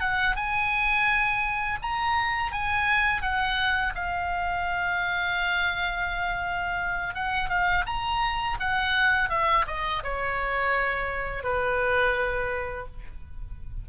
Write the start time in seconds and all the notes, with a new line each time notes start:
0.00 F#5
0.35 G#5
1.82 A#5
2.52 G#5
3.22 F#5
3.95 F5
7.14 F#5
7.49 F5
7.86 A#5
8.60 F#5
9.30 E5
9.67 D#5
10.03 C#5
11.43 B4